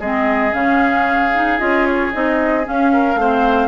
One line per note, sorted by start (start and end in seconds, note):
0.00 0.53 G#3
0.00 0.52 C4
0.00 2.92 G#4
0.00 0.54 D#5
0.52 1.60 C#3
0.52 1.32 C#4
0.52 1.59 F5
1.34 1.59 D#4
1.59 2.14 C#4
1.59 2.12 F4
1.59 1.86 D#5
1.86 2.12 C#5
2.13 2.68 C4
2.13 2.64 D#4
2.13 2.66 D#5
2.64 3.17 C#4
2.64 3.16 C#4
2.64 3.68 F5
2.93 3.20 A#4
3.16 3.68 A3
3.16 3.68 C4
3.16 3.68 C5